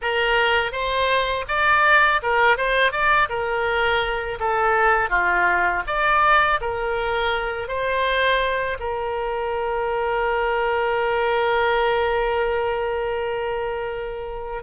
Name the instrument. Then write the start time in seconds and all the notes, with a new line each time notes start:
oboe
0.01 A#4
0.72 C5
1.48 D5
2.22 A#4
2.57 C5
2.91 D5
3.29 A#4
4.39 A4
5.09 F4
5.86 D5
6.60 A#4
7.68 C5
8.79 A#4